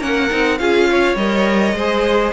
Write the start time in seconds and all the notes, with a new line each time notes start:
0.00 A#3 C#4 A#4 F#5
0.30 C4 D#4
0.58 C#4 F4 G#4 F5
0.90 C#5
1.16 G3 A#4 D#5
1.74 G#3 G#4 C5